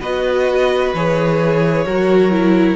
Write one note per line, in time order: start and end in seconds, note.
0.00 0.92 B3
0.00 0.95 F#4
0.00 1.85 B4
0.00 0.93 D#5
0.94 1.85 E3
0.94 1.86 G#4
0.94 2.76 C#5
1.85 2.76 F#3
1.85 2.30 F#4
1.85 2.76 A#4
2.30 2.76 E4